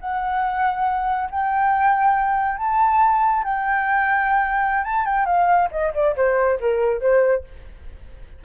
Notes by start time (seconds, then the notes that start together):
0.00 F#5
1.30 G5
2.57 A5
3.44 G5
4.84 A5
5.06 G5
5.25 F5
5.71 D#5
5.94 D5
6.16 C5
6.60 A#4
7.01 C5